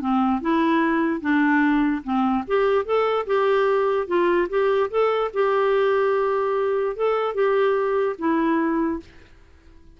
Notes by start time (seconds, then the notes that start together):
0.00 C4
0.41 E4
1.20 D4
2.03 C4
2.47 G4
2.85 A4
3.26 G4
4.07 F4
4.49 G4
4.90 A4
5.33 G4
6.96 A4
7.34 G4
8.18 E4